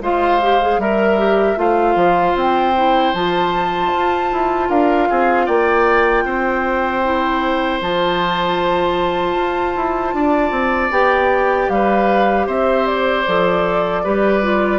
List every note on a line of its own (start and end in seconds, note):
0.00 0.78 G#3
0.00 0.41 F4
0.00 0.80 C5
0.00 0.80 F5
0.41 0.61 G4
0.61 0.80 G#4
0.78 1.56 G3
0.78 1.18 A#4
0.78 1.58 A#4
0.78 1.58 E5
1.18 1.56 G4
1.56 1.95 A3
1.56 2.73 F4
1.56 4.69 C5
1.56 2.36 F5
1.95 2.34 F3
2.35 3.13 C4
2.35 3.14 G5
2.75 3.14 E4
3.14 3.92 F3
3.14 7.04 F4
3.14 4.70 A5
3.92 4.31 F4
4.31 4.69 E4
4.69 5.08 D4
4.69 5.08 A#4
4.69 5.46 F5
5.09 5.48 C4
5.09 5.46 G#4
5.46 6.25 A#3
5.46 6.24 D5
5.46 7.80 G5
6.25 7.80 C4
6.25 10.14 C5
7.04 7.82 E4
7.81 9.35 F3
7.81 10.91 F4
7.81 10.92 A5
9.35 9.74 F4
9.76 10.13 E4
10.13 10.50 D4
10.13 11.71 D5
10.50 10.89 C4
10.90 11.68 B3
10.90 13.25 G4
10.90 11.69 G5
11.69 12.47 G3
11.69 12.46 B4
11.69 12.47 F5
12.46 13.25 C4
12.46 14.02 C5
12.46 12.86 E5
12.86 14.78 D5
13.26 14.05 F3
13.26 14.04 A4
14.03 14.78 G3
14.03 14.42 G4
14.03 14.78 B4
14.42 14.78 F4